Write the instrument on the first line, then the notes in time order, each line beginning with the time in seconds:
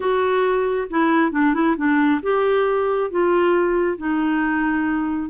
clarinet
0.00 F#4
0.90 E4
1.31 D4
1.53 E4
1.76 D4
2.22 G4
3.10 F4
3.97 D#4